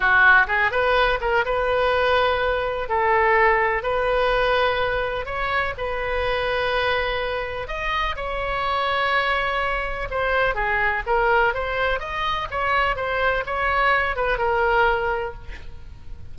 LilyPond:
\new Staff \with { instrumentName = "oboe" } { \time 4/4 \tempo 4 = 125 fis'4 gis'8 b'4 ais'8 b'4~ | b'2 a'2 | b'2. cis''4 | b'1 |
dis''4 cis''2.~ | cis''4 c''4 gis'4 ais'4 | c''4 dis''4 cis''4 c''4 | cis''4. b'8 ais'2 | }